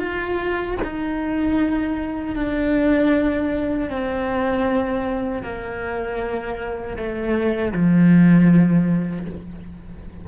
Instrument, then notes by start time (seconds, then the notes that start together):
cello
0.00 F4
0.84 D#4
2.36 D4
3.90 C4
5.43 A#3
6.97 A3
7.73 F3